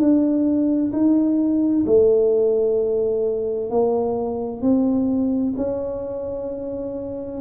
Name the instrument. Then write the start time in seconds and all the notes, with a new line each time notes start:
tuba
0.00 D4
0.93 D#4
1.86 A3
3.70 A#3
4.62 C4
5.57 C#4